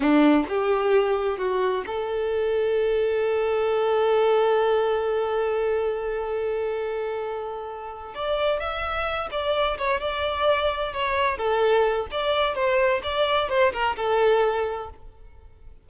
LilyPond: \new Staff \with { instrumentName = "violin" } { \time 4/4 \tempo 4 = 129 d'4 g'2 fis'4 | a'1~ | a'1~ | a'1~ |
a'4. d''4 e''4. | d''4 cis''8 d''2 cis''8~ | cis''8 a'4. d''4 c''4 | d''4 c''8 ais'8 a'2 | }